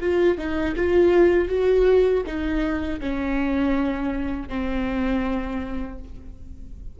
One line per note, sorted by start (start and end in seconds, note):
0.00 0.37 F4
0.37 0.75 D#4
0.76 1.48 F4
1.48 2.23 F#4
2.26 3.00 D#4
3.00 4.48 C#4
4.48 5.98 C4